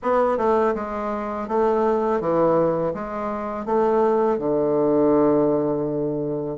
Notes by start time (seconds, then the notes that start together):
0.02 B3
0.37 A3
0.75 G#3
1.48 A3
2.20 E3
2.94 G#3
3.65 A3
4.38 D3